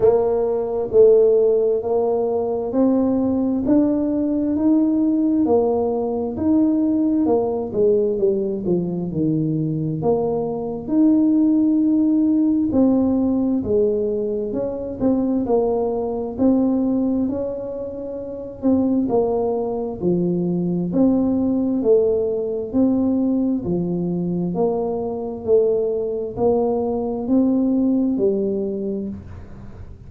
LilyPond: \new Staff \with { instrumentName = "tuba" } { \time 4/4 \tempo 4 = 66 ais4 a4 ais4 c'4 | d'4 dis'4 ais4 dis'4 | ais8 gis8 g8 f8 dis4 ais4 | dis'2 c'4 gis4 |
cis'8 c'8 ais4 c'4 cis'4~ | cis'8 c'8 ais4 f4 c'4 | a4 c'4 f4 ais4 | a4 ais4 c'4 g4 | }